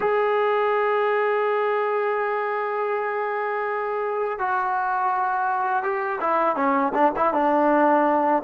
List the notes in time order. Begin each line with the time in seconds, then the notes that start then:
0.00 G#4
4.39 F#4
5.83 G4
6.20 E4
6.56 C#4
6.94 D4
7.16 E4
7.33 D4